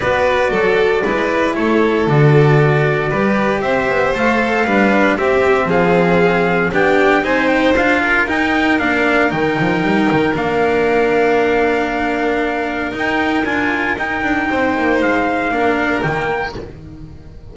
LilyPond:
<<
  \new Staff \with { instrumentName = "trumpet" } { \time 4/4 \tempo 4 = 116 d''2. cis''4 | d''2. e''4 | f''2 e''4 f''4~ | f''4 g''4 gis''8 g''8 f''4 |
g''4 f''4 g''2 | f''1~ | f''4 g''4 gis''4 g''4~ | g''4 f''2 g''4 | }
  \new Staff \with { instrumentName = "violin" } { \time 4/4 b'4 a'4 b'4 a'4~ | a'2 b'4 c''4~ | c''4 b'4 g'4 gis'4~ | gis'4 g'4 c''4. ais'8~ |
ais'1~ | ais'1~ | ais'1 | c''2 ais'2 | }
  \new Staff \with { instrumentName = "cello" } { \time 4/4 fis'2 e'2 | fis'2 g'2 | a'4 d'4 c'2~ | c'4 d'4 dis'4 f'4 |
dis'4 d'4 dis'2 | d'1~ | d'4 dis'4 f'4 dis'4~ | dis'2 d'4 ais4 | }
  \new Staff \with { instrumentName = "double bass" } { \time 4/4 b4 fis4 gis4 a4 | d2 g4 c'8 b8 | a4 g4 c'4 f4~ | f4 b4 c'4 d'4 |
dis'4 ais4 dis8 f8 g8 dis8 | ais1~ | ais4 dis'4 d'4 dis'8 d'8 | c'8 ais8 gis4 ais4 dis4 | }
>>